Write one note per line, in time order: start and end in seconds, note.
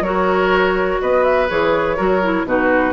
0.00 0.98 F#3
0.00 1.48 F#4
0.00 1.01 A#4
0.00 1.01 C#5
1.01 1.50 B3
1.01 1.96 B4
1.01 1.23 D#5
1.23 1.48 E5
1.48 1.98 E3
1.48 1.97 G#4
1.48 2.47 C#5
1.96 2.44 F#3
1.96 2.21 F#4
1.96 2.45 A#4
2.22 2.46 E4
2.44 2.93 B2
2.44 2.93 D#4
2.44 2.93 F#4
2.44 2.93 B4